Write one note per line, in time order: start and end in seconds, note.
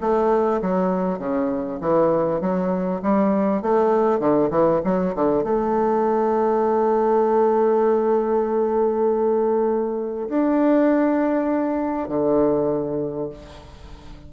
0.00 0.61 A3
0.61 1.18 F#3
1.18 1.79 C#3
1.80 2.40 E3
2.40 3.01 F#3
3.02 3.62 G3
3.62 4.19 A3
4.19 4.50 D3
4.50 4.80 E3
4.84 5.14 F#3
5.15 5.43 D3
5.43 10.28 A3
10.28 12.08 D4
12.08 13.29 D3